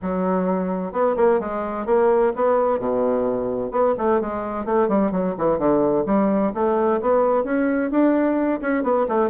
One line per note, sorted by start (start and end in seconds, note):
0.01 0.92 F#3
0.92 1.15 B3
1.16 1.40 A#3
1.40 1.86 G#3
1.86 2.32 A#3
2.35 2.79 B3
2.79 3.71 B2
3.71 3.94 B3
3.97 4.20 A3
4.21 4.65 G#3
4.65 4.88 A3
4.88 5.11 G3
5.11 5.34 F#3
5.38 5.58 E3
5.58 6.04 D3
6.05 6.52 G3
6.54 7.00 A3
7.01 7.44 B3
7.44 7.90 C#4
7.90 8.60 D4
8.61 8.83 C#4
8.83 9.06 B3
9.08 9.30 A3